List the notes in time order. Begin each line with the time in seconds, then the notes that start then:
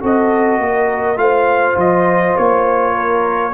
0.00 C4 F#4 A4 D#5
0.58 A#3 A#4
1.16 A3 F4 C5 F5
1.76 F3 D#5
2.37 A#3 C#5
2.95 A#4